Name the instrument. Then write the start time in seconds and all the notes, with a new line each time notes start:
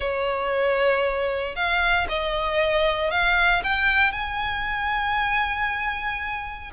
violin
0.00 C#5
1.55 F5
2.08 D#5
3.10 F5
3.63 G5
4.11 G#5